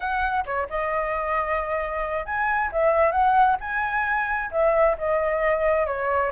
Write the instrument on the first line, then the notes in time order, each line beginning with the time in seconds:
flute
0.00 F#5
0.45 C#5
0.69 D#5
2.25 G#5
2.72 E5
3.11 F#5
3.60 G#5
4.51 E5
4.98 D#5
5.86 C#5